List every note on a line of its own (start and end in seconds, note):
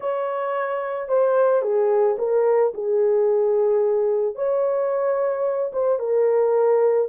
0.00 1.08 C#5
1.08 1.61 C5
1.61 2.16 G#4
2.18 2.73 A#4
2.73 4.35 G#4
4.35 5.71 C#5
5.72 5.99 C5
5.99 7.08 A#4